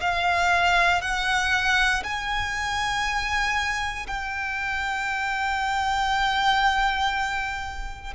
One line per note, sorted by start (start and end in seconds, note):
0.00 1.01 F5
1.01 2.03 F#5
2.03 4.06 G#5
4.07 8.14 G5